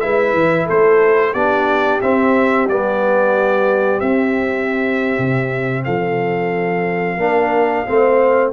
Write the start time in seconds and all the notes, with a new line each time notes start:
0.00 G#3 E4 B4 E5
0.33 E3
0.65 A3 A4 C5
1.32 B3 D4 G4 D5
2.01 C4 E5
2.68 G3 B3 D5
4.00 C4 E5
5.18 C3
5.84 F3 A4 F5
7.17 A#3 D4 A#4
7.86 A3 C4 C5